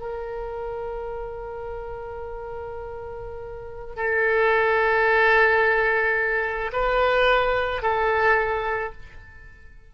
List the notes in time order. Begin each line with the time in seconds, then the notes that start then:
0.00 A#4
3.97 A4
6.73 B4
7.83 A4